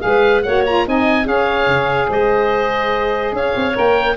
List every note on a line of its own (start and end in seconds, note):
0.00 0.46 G#3
0.00 0.41 G#4
0.00 0.43 F5
0.06 0.45 B4
0.43 0.87 A#3
0.43 0.67 F#4
0.43 0.87 C#5
0.43 0.63 F#5
0.67 0.87 F4
0.67 0.87 A#5
0.87 1.26 C4
0.87 1.25 D#4
0.87 1.27 D#5
0.87 1.28 G#5
1.25 1.67 C#4
1.25 3.73 G#4
1.25 2.09 C#5
1.25 2.11 F5
1.67 2.09 C#3
2.09 3.32 G#3
2.09 3.34 C5
2.09 3.36 D#5
3.32 3.53 C#4
3.32 4.17 C#5
3.32 3.77 F5
3.56 3.77 C4
3.75 4.17 A#3
3.75 4.16 A#4
3.75 4.17 G5